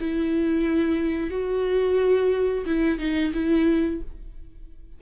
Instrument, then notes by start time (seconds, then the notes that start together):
viola
0.00 E4
1.30 F#4
2.66 E4
2.98 D#4
3.33 E4